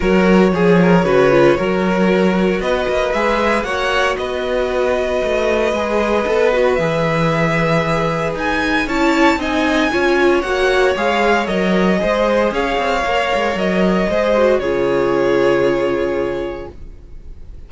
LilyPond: <<
  \new Staff \with { instrumentName = "violin" } { \time 4/4 \tempo 4 = 115 cis''1~ | cis''4 dis''4 e''4 fis''4 | dis''1~ | dis''4 e''2. |
gis''4 a''4 gis''2 | fis''4 f''4 dis''2 | f''2 dis''2 | cis''1 | }
  \new Staff \with { instrumentName = "violin" } { \time 4/4 ais'4 gis'8 ais'8 b'4 ais'4~ | ais'4 b'2 cis''4 | b'1~ | b'1~ |
b'4 cis''4 dis''4 cis''4~ | cis''2. c''4 | cis''2. c''4 | gis'1 | }
  \new Staff \with { instrumentName = "viola" } { \time 4/4 fis'4 gis'4 fis'8 f'8 fis'4~ | fis'2 gis'4 fis'4~ | fis'2. gis'4 | a'8 fis'8 gis'2.~ |
gis'4 e'4 dis'4 f'4 | fis'4 gis'4 ais'4 gis'4~ | gis'4 ais'2 gis'8 fis'8 | f'1 | }
  \new Staff \with { instrumentName = "cello" } { \time 4/4 fis4 f4 cis4 fis4~ | fis4 b8 ais8 gis4 ais4 | b2 a4 gis4 | b4 e2. |
dis'4 cis'4 c'4 cis'4 | ais4 gis4 fis4 gis4 | cis'8 c'8 ais8 gis8 fis4 gis4 | cis1 | }
>>